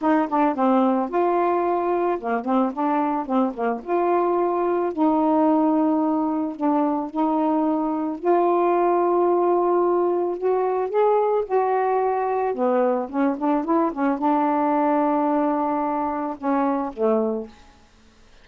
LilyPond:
\new Staff \with { instrumentName = "saxophone" } { \time 4/4 \tempo 4 = 110 dis'8 d'8 c'4 f'2 | ais8 c'8 d'4 c'8 ais8 f'4~ | f'4 dis'2. | d'4 dis'2 f'4~ |
f'2. fis'4 | gis'4 fis'2 b4 | cis'8 d'8 e'8 cis'8 d'2~ | d'2 cis'4 a4 | }